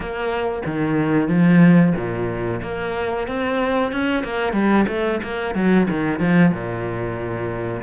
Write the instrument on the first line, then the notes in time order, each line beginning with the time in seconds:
cello
0.00 A#3
0.65 D#3
1.28 F3
1.96 A#2
2.62 A#3
3.27 C4
3.91 C#4
4.23 A#3
4.52 G3
4.88 A3
5.23 A#3
5.54 F#3
5.90 D#3
6.19 F3
6.51 A#2